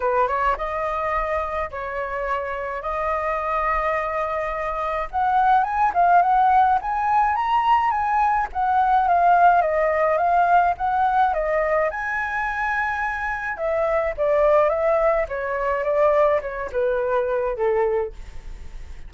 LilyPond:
\new Staff \with { instrumentName = "flute" } { \time 4/4 \tempo 4 = 106 b'8 cis''8 dis''2 cis''4~ | cis''4 dis''2.~ | dis''4 fis''4 gis''8 f''8 fis''4 | gis''4 ais''4 gis''4 fis''4 |
f''4 dis''4 f''4 fis''4 | dis''4 gis''2. | e''4 d''4 e''4 cis''4 | d''4 cis''8 b'4. a'4 | }